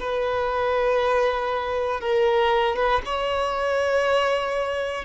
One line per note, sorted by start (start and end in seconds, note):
0.00 2.01 B4
2.01 2.76 A#4
2.76 3.02 B4
3.06 5.05 C#5